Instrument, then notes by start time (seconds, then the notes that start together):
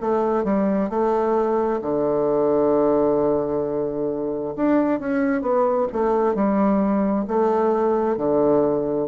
bassoon
0.00 A3
0.44 G3
0.89 A3
1.81 D3
4.56 D4
4.99 C#4
5.41 B3
5.92 A3
6.35 G3
7.27 A3
8.17 D3